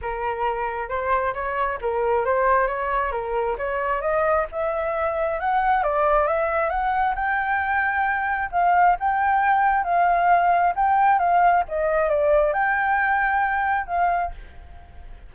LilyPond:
\new Staff \with { instrumentName = "flute" } { \time 4/4 \tempo 4 = 134 ais'2 c''4 cis''4 | ais'4 c''4 cis''4 ais'4 | cis''4 dis''4 e''2 | fis''4 d''4 e''4 fis''4 |
g''2. f''4 | g''2 f''2 | g''4 f''4 dis''4 d''4 | g''2. f''4 | }